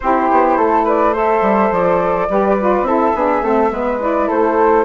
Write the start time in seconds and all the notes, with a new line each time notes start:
0.00 C4 E4 G4 C5
0.31 B3
0.57 A3 A4
0.84 B4 D5
1.13 A4 C5 E5
1.41 G3
1.71 F3 D5
2.29 G3 G4 B4
2.59 F4
2.82 C4 E4 A4 E5
3.14 B3 D4 G#4
3.41 A3 C4 A4
3.71 G#3 B3 B4
4.00 E4 D5
4.27 A3 A4 C5